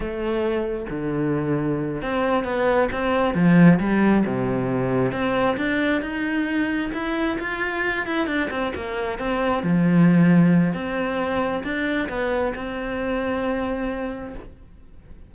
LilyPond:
\new Staff \with { instrumentName = "cello" } { \time 4/4 \tempo 4 = 134 a2 d2~ | d8 c'4 b4 c'4 f8~ | f8 g4 c2 c'8~ | c'8 d'4 dis'2 e'8~ |
e'8 f'4. e'8 d'8 c'8 ais8~ | ais8 c'4 f2~ f8 | c'2 d'4 b4 | c'1 | }